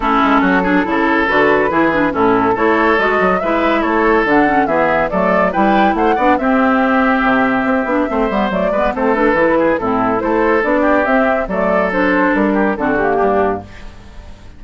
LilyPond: <<
  \new Staff \with { instrumentName = "flute" } { \time 4/4 \tempo 4 = 141 a'2. b'4~ | b'4 a'4 cis''4 dis''4 | e''4 cis''4 fis''4 e''4 | d''4 g''4 fis''4 e''4~ |
e''1 | d''4 c''8 b'4. a'4 | c''4 d''4 e''4 d''4 | c''4 ais'4 a'8 g'4. | }
  \new Staff \with { instrumentName = "oboe" } { \time 4/4 e'4 fis'8 gis'8 a'2 | gis'4 e'4 a'2 | b'4 a'2 gis'4 | a'4 b'4 c''8 d''8 g'4~ |
g'2. c''4~ | c''8 b'8 a'4. gis'8 e'4 | a'4. g'4. a'4~ | a'4. g'8 fis'4 d'4 | }
  \new Staff \with { instrumentName = "clarinet" } { \time 4/4 cis'4. d'8 e'4 fis'4 | e'8 d'8 cis'4 e'4 fis'4 | e'2 d'8 cis'8 b4 | a4 e'4. d'8 c'4~ |
c'2~ c'8 d'8 c'8 b8 | a8 b8 c'8 d'8 e'4 c'4 | e'4 d'4 c'4 a4 | d'2 c'8 ais4. | }
  \new Staff \with { instrumentName = "bassoon" } { \time 4/4 a8 gis8 fis4 cis4 d4 | e4 a,4 a4 gis8 fis8 | gis4 a4 d4 e4 | fis4 g4 a8 b8 c'4~ |
c'4 c4 c'8 b8 a8 g8 | fis8 gis8 a4 e4 a,4 | a4 b4 c'4 fis4~ | fis4 g4 d4 g,4 | }
>>